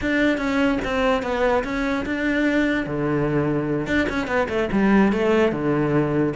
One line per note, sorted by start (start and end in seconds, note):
0.01 0.37 D4
0.37 0.78 C#4
0.84 1.22 C4
1.22 1.63 B3
1.63 2.04 C#4
2.05 2.86 D4
2.86 3.86 D3
3.86 4.07 D4
4.09 4.27 C#4
4.27 4.47 B3
4.48 4.69 A3
4.72 5.12 G3
5.12 5.51 A3
5.51 6.33 D3